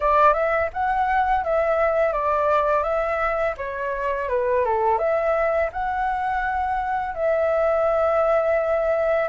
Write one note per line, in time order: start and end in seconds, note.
0.00 0.33 D5
0.33 0.69 E5
0.73 1.44 F#5
1.44 2.12 E5
2.12 2.83 D5
2.83 3.54 E5
3.57 4.29 C#5
4.29 4.64 B4
4.64 4.98 A4
4.98 5.69 E5
5.72 7.14 F#5
7.14 9.29 E5